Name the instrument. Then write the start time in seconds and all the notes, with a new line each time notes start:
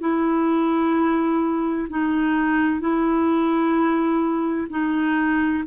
clarinet
0.00 E4
1.89 D#4
2.80 E4
4.70 D#4